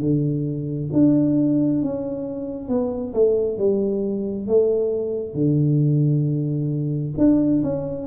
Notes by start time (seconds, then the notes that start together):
0.00 D3
0.93 D4
1.82 C#4
2.68 B3
3.13 A3
3.57 G3
4.47 A3
5.34 D3
7.18 D4
7.63 C#4